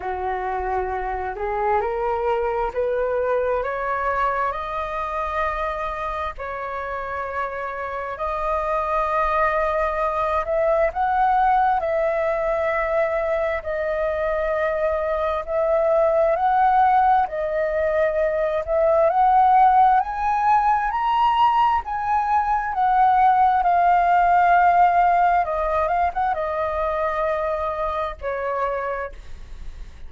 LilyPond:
\new Staff \with { instrumentName = "flute" } { \time 4/4 \tempo 4 = 66 fis'4. gis'8 ais'4 b'4 | cis''4 dis''2 cis''4~ | cis''4 dis''2~ dis''8 e''8 | fis''4 e''2 dis''4~ |
dis''4 e''4 fis''4 dis''4~ | dis''8 e''8 fis''4 gis''4 ais''4 | gis''4 fis''4 f''2 | dis''8 f''16 fis''16 dis''2 cis''4 | }